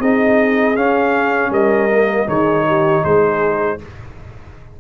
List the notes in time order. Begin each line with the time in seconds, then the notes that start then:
0.00 C4 D#4 G#4 D#5
0.76 C#4 F5
1.50 G3 A#4 D#5
1.90 A#3
2.27 D#3 D#4 G#4 C#5
2.67 G4
3.04 G#3 G#4 C5